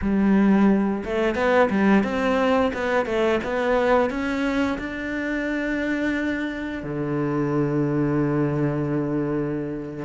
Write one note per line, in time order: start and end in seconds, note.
0.01 1.04 G3
1.04 1.35 A3
1.35 1.69 B3
1.70 2.03 G3
2.03 2.71 C4
2.73 3.05 B3
3.05 3.39 A3
3.43 4.09 B3
4.09 4.78 C#4
4.78 6.83 D4
6.83 10.05 D3